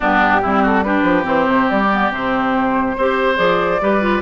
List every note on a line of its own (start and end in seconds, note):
0.00 0.43 G2
0.00 0.43 B3
0.00 0.40 D4
0.00 0.66 G4
0.42 1.02 G3
0.42 0.85 C4
0.42 0.62 E4
0.62 0.83 F#4
0.62 0.83 A4
0.83 1.22 D4
0.83 2.96 G4
0.83 1.25 B4
1.02 1.23 F3
1.22 1.46 E3
1.22 1.86 C4
1.22 1.69 C5
1.47 1.68 C3
1.69 2.10 G3
1.69 2.11 D5
1.92 2.11 B3
2.10 2.94 C3
2.10 2.96 C4
2.10 3.36 C5
2.97 3.38 C4
2.97 3.35 G4
2.97 3.81 C5
3.35 3.80 F3
3.35 3.78 G#4
3.35 4.21 D5
3.80 4.21 G3
3.80 4.01 G4
3.80 4.21 B4
4.01 4.21 F4